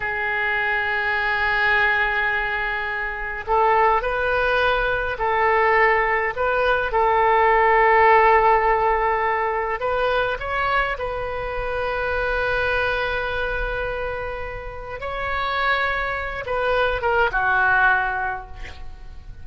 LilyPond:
\new Staff \with { instrumentName = "oboe" } { \time 4/4 \tempo 4 = 104 gis'1~ | gis'2 a'4 b'4~ | b'4 a'2 b'4 | a'1~ |
a'4 b'4 cis''4 b'4~ | b'1~ | b'2 cis''2~ | cis''8 b'4 ais'8 fis'2 | }